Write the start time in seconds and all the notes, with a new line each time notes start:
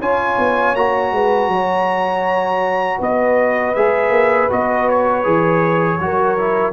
0.00 C#4 F4 C#5 G#5
0.39 B3
0.75 A#3 F#4 A#5
1.12 G#3 B4
1.48 F#3 C#5
2.99 B3 B4 D#5
3.75 G#3 G#4 E5
4.10 A#3
4.50 B3 F#4 D#5
4.90 C#5
5.24 E3 G#4
5.99 F#3 F#4 A#4
6.39 E4